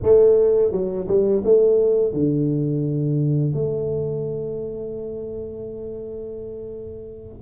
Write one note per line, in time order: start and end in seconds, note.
0.03 0.72 A3
0.72 1.07 F#3
1.07 1.42 G3
1.44 2.13 A3
2.13 3.53 D3
3.53 7.41 A3